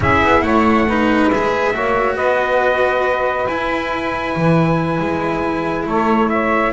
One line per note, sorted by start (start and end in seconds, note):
0.00 0.22 C#4
0.00 0.87 E4
0.00 0.43 G#4
0.00 0.41 E5
0.22 0.42 B3
0.41 1.29 A3
0.41 0.87 C#5
0.41 1.28 F#5
0.87 1.32 D#4
0.87 1.74 B4
1.29 1.74 G#3
1.29 1.73 G#4
1.29 2.16 E5
1.73 2.16 A#3
1.73 3.47 F#4
1.73 2.15 C#5
2.15 3.46 B3
2.15 5.85 B4
2.15 3.46 D#5
3.46 4.35 E4
3.46 6.72 E4
3.46 5.86 G#5
4.36 4.99 E3
4.99 5.86 G#3
5.86 6.72 A3
5.86 6.30 A4
5.86 6.29 C#5
6.29 6.72 C#5
6.29 6.72 E5